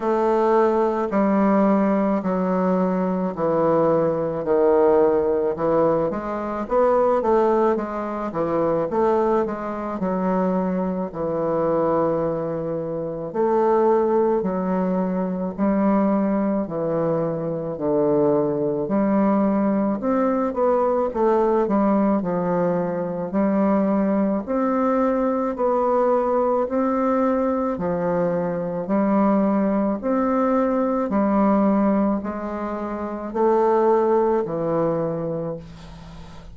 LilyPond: \new Staff \with { instrumentName = "bassoon" } { \time 4/4 \tempo 4 = 54 a4 g4 fis4 e4 | dis4 e8 gis8 b8 a8 gis8 e8 | a8 gis8 fis4 e2 | a4 fis4 g4 e4 |
d4 g4 c'8 b8 a8 g8 | f4 g4 c'4 b4 | c'4 f4 g4 c'4 | g4 gis4 a4 e4 | }